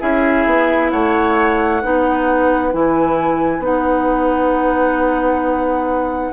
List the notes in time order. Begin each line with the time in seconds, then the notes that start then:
0.00 C#4 E4 G#4 E5
0.47 B3
0.91 A3 C#5 F#5
1.83 B3 D#4 B4
2.73 E3 E4 G#5
3.59 B3 D#4 F#5